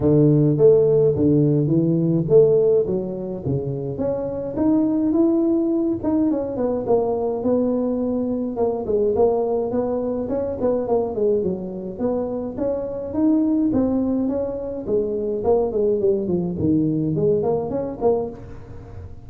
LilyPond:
\new Staff \with { instrumentName = "tuba" } { \time 4/4 \tempo 4 = 105 d4 a4 d4 e4 | a4 fis4 cis4 cis'4 | dis'4 e'4. dis'8 cis'8 b8 | ais4 b2 ais8 gis8 |
ais4 b4 cis'8 b8 ais8 gis8 | fis4 b4 cis'4 dis'4 | c'4 cis'4 gis4 ais8 gis8 | g8 f8 dis4 gis8 ais8 cis'8 ais8 | }